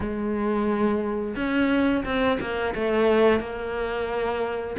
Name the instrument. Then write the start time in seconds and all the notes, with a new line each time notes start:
cello
0.00 G#3
1.35 C#4
2.05 C4
2.40 A#3
2.74 A3
3.39 A#3